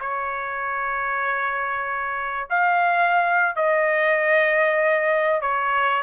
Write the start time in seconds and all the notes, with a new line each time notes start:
0.00 C#5
2.50 F5
3.56 D#5
5.41 C#5